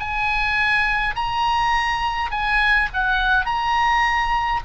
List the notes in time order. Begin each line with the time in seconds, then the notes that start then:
0.00 G#5
1.15 A#5
2.31 G#5
2.94 F#5
3.46 A#5